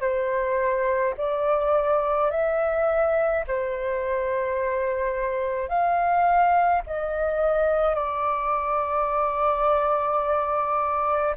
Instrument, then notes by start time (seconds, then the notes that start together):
flute
0.00 C5
1.17 D5
2.31 E5
3.47 C5
5.68 F5
6.86 D#5
7.95 D5